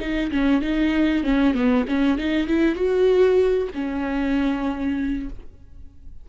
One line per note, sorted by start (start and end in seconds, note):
0.00 0.31 D#4
0.31 0.62 C#4
0.62 1.23 D#4
1.23 1.54 C#4
1.54 1.85 B3
1.88 2.18 C#4
2.18 2.47 D#4
2.47 2.75 E4
2.75 3.68 F#4
3.74 5.29 C#4